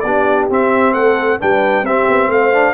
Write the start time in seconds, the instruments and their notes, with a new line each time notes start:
0.00 tuba B3, horn G4, trumpet D5
0.06 trombone D4
0.49 tuba C4, trombone C4, trumpet E5
0.93 tuba A3, horn A4, trumpet F#5
1.40 tuba G3, trombone D4, horn B4, trumpet G5
1.82 tuba C4, trombone C4, horn G4, trumpet E5
2.09 tuba B3
2.28 tuba A3, horn C5, trumpet F5
2.53 trombone D4